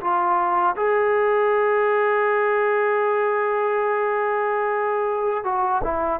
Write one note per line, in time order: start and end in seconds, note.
0.00 0.75 F4
0.76 5.44 G#4
5.44 5.82 F#4
5.84 6.20 E4